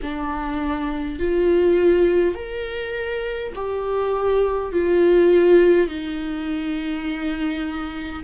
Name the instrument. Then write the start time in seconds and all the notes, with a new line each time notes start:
viola
0.02 D4
1.19 F4
2.35 A#4
3.55 G4
4.72 F4
5.87 D#4